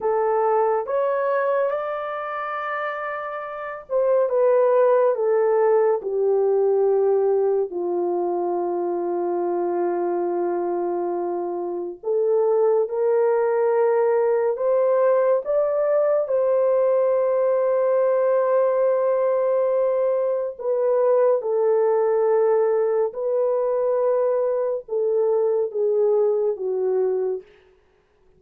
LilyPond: \new Staff \with { instrumentName = "horn" } { \time 4/4 \tempo 4 = 70 a'4 cis''4 d''2~ | d''8 c''8 b'4 a'4 g'4~ | g'4 f'2.~ | f'2 a'4 ais'4~ |
ais'4 c''4 d''4 c''4~ | c''1 | b'4 a'2 b'4~ | b'4 a'4 gis'4 fis'4 | }